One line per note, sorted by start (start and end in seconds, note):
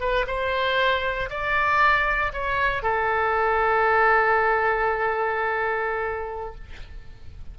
0.00 0.26 B4
0.27 1.29 C5
1.30 2.32 D5
2.33 2.83 C#5
2.83 6.55 A4